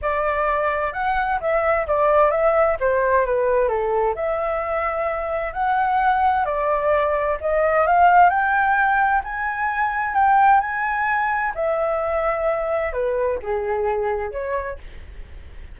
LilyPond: \new Staff \with { instrumentName = "flute" } { \time 4/4 \tempo 4 = 130 d''2 fis''4 e''4 | d''4 e''4 c''4 b'4 | a'4 e''2. | fis''2 d''2 |
dis''4 f''4 g''2 | gis''2 g''4 gis''4~ | gis''4 e''2. | b'4 gis'2 cis''4 | }